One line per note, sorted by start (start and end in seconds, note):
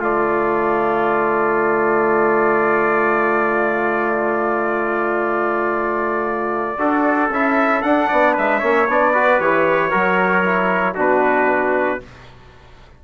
0.00 6.78 D3
0.00 6.78 A3
0.00 6.78 F4
0.00 7.33 D5
6.78 7.29 D4
6.78 7.30 F#4
6.78 8.08 A4
7.29 7.82 C#4
7.29 7.83 E4
7.29 7.82 E5
7.82 8.62 D4
7.82 8.10 D4
7.82 8.34 F#5
8.08 8.37 B3
8.08 8.33 D5
8.33 8.62 G#3
8.33 8.59 B4
8.33 8.90 E5
8.59 8.88 A#3
8.59 8.88 C#4
8.59 9.11 C#5
8.88 9.40 B3
8.88 9.14 D4
8.88 9.40 D5
9.13 9.39 F#4
9.13 9.90 B4
9.39 9.92 E3
9.39 9.91 G4
9.39 10.97 C#5
9.90 10.96 F#3
9.90 10.43 F#4
9.90 10.94 A#4
10.44 10.95 E4
10.94 12.01 B2
10.94 12.00 D4
10.94 11.98 F#4
10.94 12.04 B4